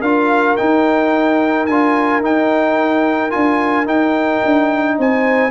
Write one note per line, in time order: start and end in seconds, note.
0.00 0.57 D4
0.00 0.58 F4
0.00 4.95 A#4
0.00 0.56 F5
0.57 1.68 D#4
0.57 1.66 G5
1.66 2.20 D4
1.66 2.22 F4
1.66 2.21 G#5
2.20 3.30 D#4
2.20 3.31 G5
3.30 3.85 D4
3.30 3.85 F4
3.30 3.86 G#5
3.85 4.40 D#4
3.85 5.51 D#4
3.85 4.98 G5
4.45 4.99 D4
4.98 5.51 C4
4.98 5.51 C5
4.98 5.51 G#5